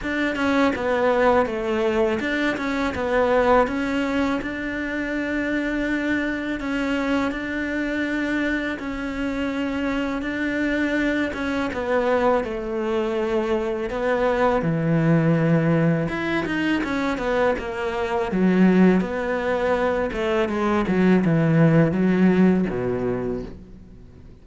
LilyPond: \new Staff \with { instrumentName = "cello" } { \time 4/4 \tempo 4 = 82 d'8 cis'8 b4 a4 d'8 cis'8 | b4 cis'4 d'2~ | d'4 cis'4 d'2 | cis'2 d'4. cis'8 |
b4 a2 b4 | e2 e'8 dis'8 cis'8 b8 | ais4 fis4 b4. a8 | gis8 fis8 e4 fis4 b,4 | }